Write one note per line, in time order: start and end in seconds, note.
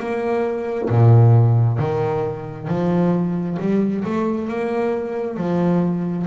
0.00 0.90 A#3
0.90 1.79 A#2
1.79 2.68 D#3
2.68 3.58 F3
3.60 4.05 G3
4.05 4.49 A3
4.49 5.37 A#3
5.37 6.27 F3